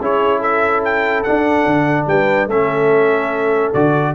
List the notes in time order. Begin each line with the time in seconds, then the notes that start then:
0.00 C#4 E4 G#4 C#5
0.39 A4 E5
0.84 G5
1.23 D4 F#5
1.66 D3
2.06 G3 B4 G5
2.46 A3 C#4 A4 E5
3.73 D3 F#4 D5